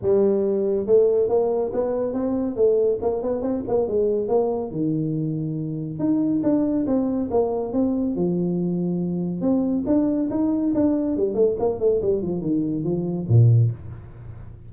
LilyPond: \new Staff \with { instrumentName = "tuba" } { \time 4/4 \tempo 4 = 140 g2 a4 ais4 | b4 c'4 a4 ais8 b8 | c'8 ais8 gis4 ais4 dis4~ | dis2 dis'4 d'4 |
c'4 ais4 c'4 f4~ | f2 c'4 d'4 | dis'4 d'4 g8 a8 ais8 a8 | g8 f8 dis4 f4 ais,4 | }